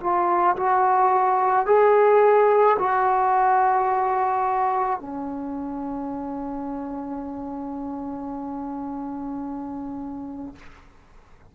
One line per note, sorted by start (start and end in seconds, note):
0.00 0.56 F4
0.56 1.66 F#4
1.66 2.77 G#4
2.78 4.99 F#4
4.99 10.55 C#4